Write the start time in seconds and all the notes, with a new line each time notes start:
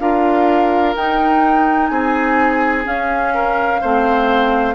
0.00 D4 F4 A#4 F5
0.96 D#4 G5
1.87 C4 G#4 G#5
2.83 C#4 F5
3.34 A#4
3.81 A3 C4 C5